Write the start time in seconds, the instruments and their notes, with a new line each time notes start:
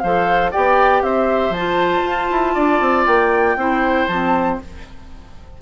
0.00 bassoon F3, clarinet A4, oboe C5, flute F5
0.52 bassoon B3, clarinet G4, oboe D5, flute G5
1.03 bassoon C4, oboe C5, flute E5
1.50 bassoon F3, flute A5
1.57 clarinet F4
2.04 bassoon F4
2.31 bassoon E4
2.55 bassoon D4, oboe D5
2.81 bassoon C4
3.06 bassoon A#3, flute G5
3.56 bassoon C4, clarinet E4, oboe C5
4.08 bassoon F3, clarinet C4, flute A5